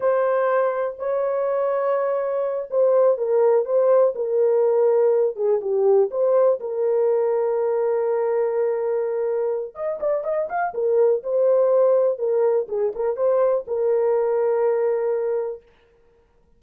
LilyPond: \new Staff \with { instrumentName = "horn" } { \time 4/4 \tempo 4 = 123 c''2 cis''2~ | cis''4. c''4 ais'4 c''8~ | c''8 ais'2~ ais'8 gis'8 g'8~ | g'8 c''4 ais'2~ ais'8~ |
ais'1 | dis''8 d''8 dis''8 f''8 ais'4 c''4~ | c''4 ais'4 gis'8 ais'8 c''4 | ais'1 | }